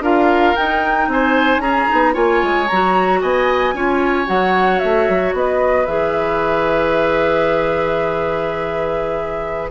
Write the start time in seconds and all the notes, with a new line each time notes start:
0.00 D4 F4 A#4 F5
0.56 D#4 G5
1.07 C4 C5 G#5
1.58 C#4 G#4 A#5
1.88 B3 D#4
2.13 A#3 F4 C#5 G#5
2.42 G#3
2.67 F#3 F#4 A#5
3.21 B3 D#5 G#5
3.73 C#4 F4 C#5
4.26 F#3 F#4 F#5
4.79 A3 E5
5.09 F#3
5.33 B3 B4 D#5
5.86 E3 G#4 E5